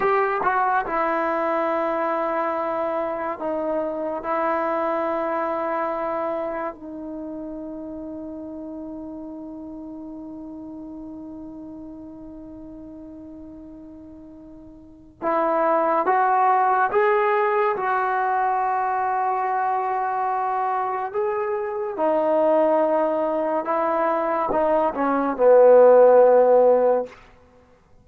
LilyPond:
\new Staff \with { instrumentName = "trombone" } { \time 4/4 \tempo 4 = 71 g'8 fis'8 e'2. | dis'4 e'2. | dis'1~ | dis'1~ |
dis'2 e'4 fis'4 | gis'4 fis'2.~ | fis'4 gis'4 dis'2 | e'4 dis'8 cis'8 b2 | }